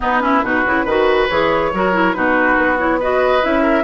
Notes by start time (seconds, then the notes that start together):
0.00 B3 D#4 B4
0.20 C#4 E4
0.42 B2 D#4 F#4
0.66 C#3 E4
0.85 D#3 F#4 B4
1.28 E3 G#4 C#5
1.72 F#3 F#4 A#4
1.92 E4
2.13 B2 D#4 F#4 B4
2.57 B3
2.78 E4 C#5
2.99 F#4 B4 D#5
3.41 C#4 E4 E5
3.62 A#4